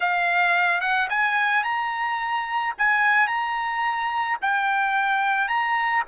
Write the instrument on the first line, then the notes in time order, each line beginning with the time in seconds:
trumpet
0.00 F5
0.80 F#5
1.09 G#5
1.63 A#5
2.78 G#5
3.27 A#5
4.41 G5
5.48 A#5